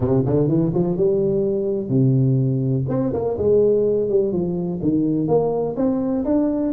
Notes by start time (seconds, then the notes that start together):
0.00 C3
0.25 D3
0.48 E3
0.74 F3
0.96 G3
1.89 C3
2.88 C4
3.13 A#3
3.37 G#3
4.09 G3
4.32 F3
4.81 D#3
5.27 A#3
5.76 C4
6.24 D4